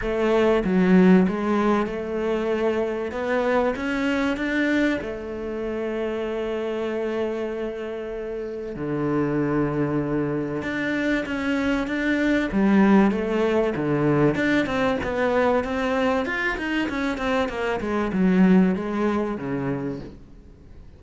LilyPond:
\new Staff \with { instrumentName = "cello" } { \time 4/4 \tempo 4 = 96 a4 fis4 gis4 a4~ | a4 b4 cis'4 d'4 | a1~ | a2 d2~ |
d4 d'4 cis'4 d'4 | g4 a4 d4 d'8 c'8 | b4 c'4 f'8 dis'8 cis'8 c'8 | ais8 gis8 fis4 gis4 cis4 | }